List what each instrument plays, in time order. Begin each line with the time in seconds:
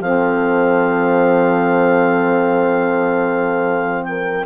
0.00 bassoon F3, saxophone C4, horn A4, clarinet F5
4.04 horn A#4, clarinet G5